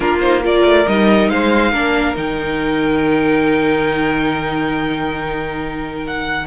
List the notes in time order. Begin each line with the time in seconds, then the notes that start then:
0.00 A#3 D4 F4 A#4
0.20 D#4 C5
0.42 F4 A#4 D5
0.64 A3
0.87 G3 D#4 D#5
1.29 G#3 C5 F5
1.71 A#3 D4 A#4
2.15 D#3 D#4 G5
6.06 F#5